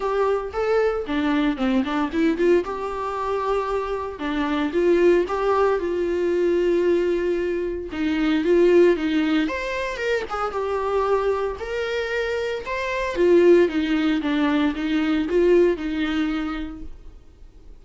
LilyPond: \new Staff \with { instrumentName = "viola" } { \time 4/4 \tempo 4 = 114 g'4 a'4 d'4 c'8 d'8 | e'8 f'8 g'2. | d'4 f'4 g'4 f'4~ | f'2. dis'4 |
f'4 dis'4 c''4 ais'8 gis'8 | g'2 ais'2 | c''4 f'4 dis'4 d'4 | dis'4 f'4 dis'2 | }